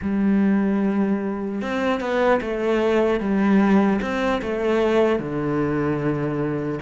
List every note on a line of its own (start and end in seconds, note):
0.01 1.61 G3
1.61 2.00 C4
2.00 2.40 B3
2.41 3.20 A3
3.20 4.00 G3
4.01 4.41 C4
4.41 5.19 A3
5.19 6.79 D3